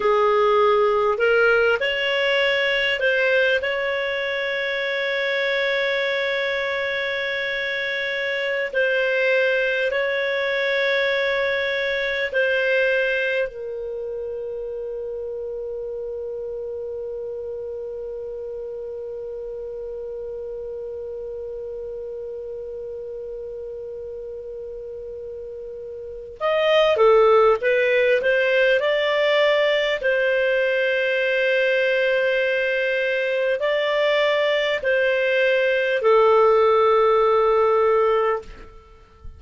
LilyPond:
\new Staff \with { instrumentName = "clarinet" } { \time 4/4 \tempo 4 = 50 gis'4 ais'8 cis''4 c''8 cis''4~ | cis''2.~ cis''16 c''8.~ | c''16 cis''2 c''4 ais'8.~ | ais'1~ |
ais'1~ | ais'2 dis''8 a'8 b'8 c''8 | d''4 c''2. | d''4 c''4 a'2 | }